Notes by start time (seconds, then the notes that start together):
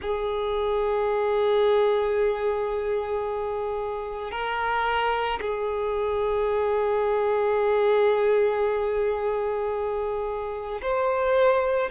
0.01 G#4
4.31 A#4
5.41 G#4
10.82 C5